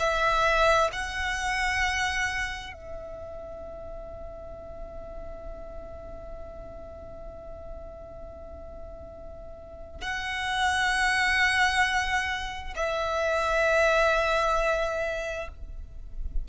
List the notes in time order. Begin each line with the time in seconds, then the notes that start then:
0.00 E5
0.93 F#5
2.74 E5
10.02 F#5
12.76 E5